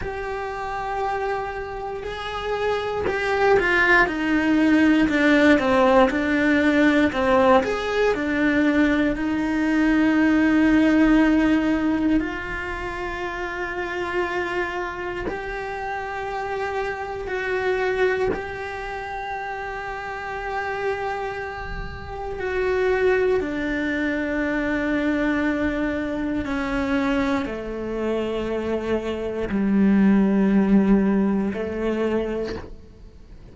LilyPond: \new Staff \with { instrumentName = "cello" } { \time 4/4 \tempo 4 = 59 g'2 gis'4 g'8 f'8 | dis'4 d'8 c'8 d'4 c'8 gis'8 | d'4 dis'2. | f'2. g'4~ |
g'4 fis'4 g'2~ | g'2 fis'4 d'4~ | d'2 cis'4 a4~ | a4 g2 a4 | }